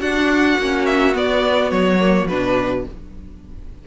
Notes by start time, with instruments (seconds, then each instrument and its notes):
0.00 cello D4, viola D4, violin F#4 F#5
0.58 cello A#3, viola C#4
0.86 violin E5
1.13 viola B3, cello B3, violin D5
1.71 cello F#3, violin C#5
2.00 viola A#3
2.28 cello B2, viola D4, violin B4